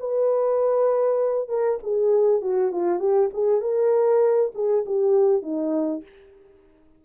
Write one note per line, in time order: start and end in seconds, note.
0.00 1.49 B4
1.49 1.79 A#4
1.83 2.42 G#4
2.42 2.72 F#4
2.72 3.00 F4
3.00 3.30 G4
3.34 3.61 G#4
3.61 4.52 A#4
4.55 4.85 G#4
4.86 5.43 G4
5.43 6.03 D#4